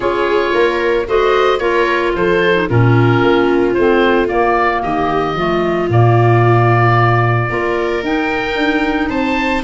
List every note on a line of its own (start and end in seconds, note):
0.00 0.52 C#4
0.00 1.06 F4
0.00 0.53 G#4
0.00 1.06 C#5
0.53 1.06 A#3
0.53 1.07 A#4
1.07 1.60 A3
1.07 1.59 F#4
1.07 1.60 C5
1.07 1.59 D#5
1.59 2.13 A#3
1.59 2.53 F4
1.59 2.13 A#4
1.59 2.12 C#5
2.15 2.69 F3
2.15 2.69 A4
2.15 2.69 C5
2.53 2.67 D#4
2.69 3.21 A#2
2.69 3.76 C#4
2.69 4.82 F4
2.69 3.74 A#4
3.21 3.75 A#3
3.74 4.31 A3
3.74 4.26 C4
3.74 4.27 C5
4.26 5.33 A#3
4.26 4.83 A#3
4.26 4.82 D5
4.82 5.34 D#3
4.82 5.36 G4
4.82 5.89 D#5
5.34 5.88 F3
5.34 5.89 A3
5.34 7.50 F4
5.89 7.49 A#2
5.89 7.49 A#3
5.89 8.04 D5
7.49 8.02 A#3
7.49 8.02 F4
7.49 9.09 A#4
8.02 8.55 D#4
8.02 9.64 D#4
8.02 9.09 G5
8.55 9.09 D4
9.09 9.62 C4
9.09 9.63 C5
9.09 9.63 A5